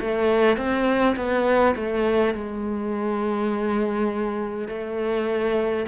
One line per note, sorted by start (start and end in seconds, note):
0.00 0.57 A3
0.57 1.16 C4
1.16 1.75 B3
1.75 2.34 A3
2.34 4.68 G#3
4.68 5.86 A3